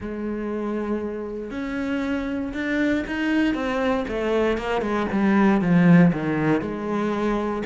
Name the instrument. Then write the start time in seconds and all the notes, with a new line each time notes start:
cello
0.00 G#3
1.50 C#4
2.53 D4
3.07 D#4
3.54 C4
4.08 A3
4.57 A#3
4.81 G#3
5.12 G3
5.61 F3
6.12 D#3
6.61 G#3